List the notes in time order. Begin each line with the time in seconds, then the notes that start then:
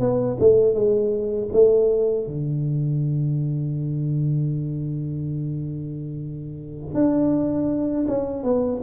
0.00 B3
0.40 A3
0.74 G#3
1.53 A3
2.27 D3
6.94 D4
8.08 C#4
8.44 B3